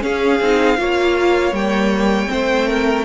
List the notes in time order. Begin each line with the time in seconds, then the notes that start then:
0.00 C#4 G#4 F5
0.41 C4 D#4
0.78 A#3 F4 C#5
1.52 G3 A#3 G5
2.27 A3 C4 C5
2.68 A#4